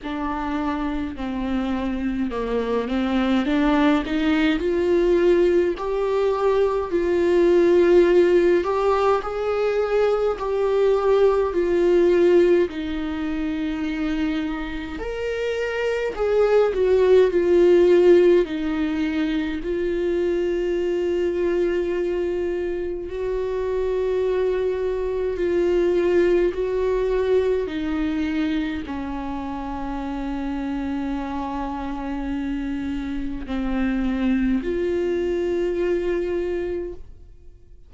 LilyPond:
\new Staff \with { instrumentName = "viola" } { \time 4/4 \tempo 4 = 52 d'4 c'4 ais8 c'8 d'8 dis'8 | f'4 g'4 f'4. g'8 | gis'4 g'4 f'4 dis'4~ | dis'4 ais'4 gis'8 fis'8 f'4 |
dis'4 f'2. | fis'2 f'4 fis'4 | dis'4 cis'2.~ | cis'4 c'4 f'2 | }